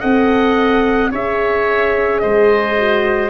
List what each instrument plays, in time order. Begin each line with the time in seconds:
0.00 tuba C4, horn A4, oboe D#5, trumpet F#5
1.11 tuba C#4, horn G#4, oboe C#5, trumpet E5
2.19 tuba G#3, oboe C5, trumpet D#5
2.78 horn F#4